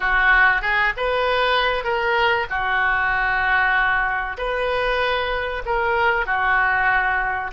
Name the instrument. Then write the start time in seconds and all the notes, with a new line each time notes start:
oboe
0.00 F#4
0.61 G#4
0.96 B4
1.84 A#4
2.49 F#4
4.37 B4
5.65 A#4
6.26 F#4